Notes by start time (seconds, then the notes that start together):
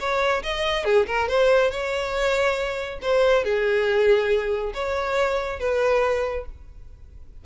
0.00 C#5
0.43 D#5
0.85 G#4
1.07 A#4
1.28 C5
1.71 C#5
3.02 C5
3.45 G#4
4.74 C#5
5.60 B4